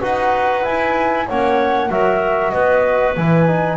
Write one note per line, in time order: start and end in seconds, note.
0.00 0.66 D#4
0.00 0.62 F#4
0.00 1.26 B4
0.00 0.65 F#5
0.62 1.26 E4
0.62 1.30 E4
0.62 1.28 G#5
1.27 1.90 A#3
1.27 1.91 C#4
1.27 1.91 C#5
1.27 1.92 F#5
1.90 2.53 F#3
1.90 3.17 F#4
1.90 2.52 A#4
1.90 2.51 E5
2.51 3.17 B3
2.51 3.77 B4
2.51 3.14 D#5
3.17 3.77 E3
3.17 3.47 E4
3.17 3.77 G#5
3.47 3.77 D#4